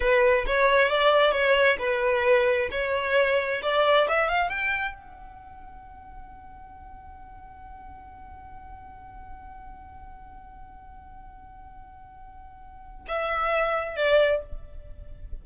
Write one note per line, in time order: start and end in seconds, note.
0.00 0.45 B4
0.46 0.89 C#5
0.89 1.32 D5
1.32 1.77 C#5
1.78 2.69 B4
2.71 3.61 C#5
3.62 4.07 D5
4.07 4.29 E5
4.29 4.49 F5
4.49 4.93 G5
4.93 13.05 F#5
13.07 13.96 E5
13.96 14.41 D5